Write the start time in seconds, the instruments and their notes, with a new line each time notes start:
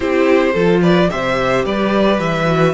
0.00 cello C4, viola E4, violin G4 C5
0.52 cello F3, viola F4, violin A4
0.81 violin B4 D5
1.09 cello C3, viola G4, violin C5 E5
1.65 cello G3, violin B4 D5
2.18 cello E3, violin E5
2.46 viola F#4